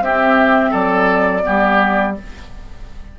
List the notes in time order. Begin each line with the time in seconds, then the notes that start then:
0.00 C4 G4 E5
0.71 F#3 A4 D5
1.43 G3 B3 G4